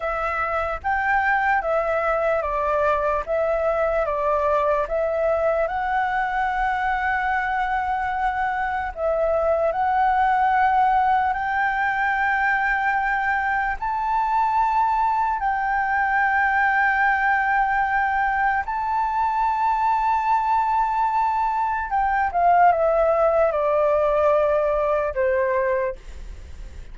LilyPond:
\new Staff \with { instrumentName = "flute" } { \time 4/4 \tempo 4 = 74 e''4 g''4 e''4 d''4 | e''4 d''4 e''4 fis''4~ | fis''2. e''4 | fis''2 g''2~ |
g''4 a''2 g''4~ | g''2. a''4~ | a''2. g''8 f''8 | e''4 d''2 c''4 | }